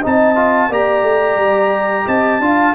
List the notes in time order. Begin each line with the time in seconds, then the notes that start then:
0.00 C4 D#4 D#5 A5
0.36 F4
0.69 A#3 G4 D5 A#5
1.03 A3
1.36 G3
2.06 C4 D#5 A5
2.39 D4 F4 F5